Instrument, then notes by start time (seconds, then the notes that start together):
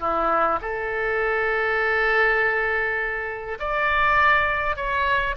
oboe
0.00 E4
0.61 A4
3.59 D5
4.76 C#5